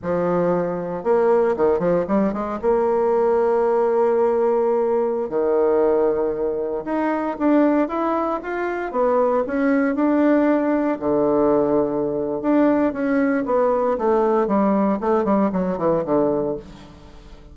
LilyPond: \new Staff \with { instrumentName = "bassoon" } { \time 4/4 \tempo 4 = 116 f2 ais4 dis8 f8 | g8 gis8 ais2.~ | ais2~ ais16 dis4.~ dis16~ | dis4~ dis16 dis'4 d'4 e'8.~ |
e'16 f'4 b4 cis'4 d'8.~ | d'4~ d'16 d2~ d8. | d'4 cis'4 b4 a4 | g4 a8 g8 fis8 e8 d4 | }